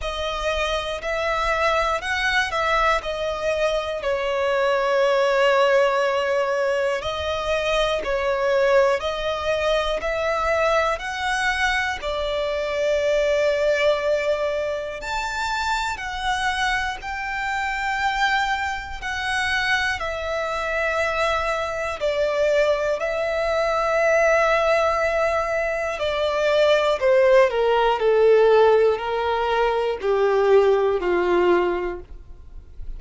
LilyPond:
\new Staff \with { instrumentName = "violin" } { \time 4/4 \tempo 4 = 60 dis''4 e''4 fis''8 e''8 dis''4 | cis''2. dis''4 | cis''4 dis''4 e''4 fis''4 | d''2. a''4 |
fis''4 g''2 fis''4 | e''2 d''4 e''4~ | e''2 d''4 c''8 ais'8 | a'4 ais'4 g'4 f'4 | }